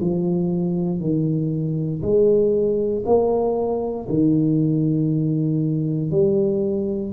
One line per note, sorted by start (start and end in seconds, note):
0.00 1.00 F3
1.00 2.02 D#3
2.02 3.03 G#3
3.06 4.07 A#3
4.09 6.11 D#3
6.11 7.12 G3